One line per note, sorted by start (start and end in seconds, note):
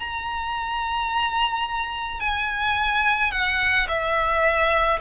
0.00 2.21 A#5
2.21 3.32 G#5
3.32 3.87 F#5
3.88 4.99 E5